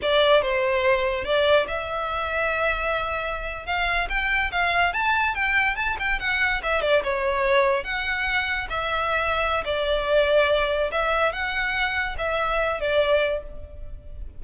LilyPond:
\new Staff \with { instrumentName = "violin" } { \time 4/4 \tempo 4 = 143 d''4 c''2 d''4 | e''1~ | e''8. f''4 g''4 f''4 a''16~ | a''8. g''4 a''8 g''8 fis''4 e''16~ |
e''16 d''8 cis''2 fis''4~ fis''16~ | fis''8. e''2~ e''16 d''4~ | d''2 e''4 fis''4~ | fis''4 e''4. d''4. | }